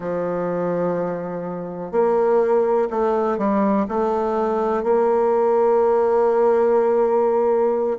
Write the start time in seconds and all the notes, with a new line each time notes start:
0.00 F3
1.91 A#3
2.90 A3
3.38 G3
3.88 A3
4.83 A#3